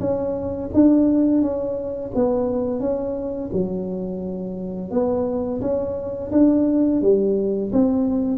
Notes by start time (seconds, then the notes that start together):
0.00 C#4
0.74 D4
1.42 C#4
2.15 B3
2.80 C#4
3.53 F#3
4.91 B3
5.61 C#4
6.32 D4
7.02 G3
7.73 C4